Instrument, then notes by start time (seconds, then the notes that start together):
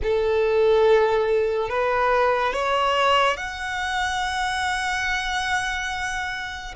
violin
0.02 A4
1.69 B4
2.53 C#5
3.36 F#5